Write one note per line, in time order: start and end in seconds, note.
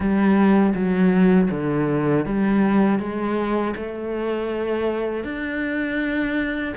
0.00 0.73 G3
0.74 1.49 F#3
1.50 2.25 D3
2.25 2.99 G3
2.99 3.74 G#3
3.76 5.24 A3
5.24 6.74 D4